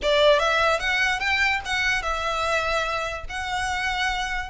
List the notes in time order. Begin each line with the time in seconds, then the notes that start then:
0.02 D5
0.39 E5
0.79 F#5
1.19 G5
1.65 F#5
2.02 E5
3.29 F#5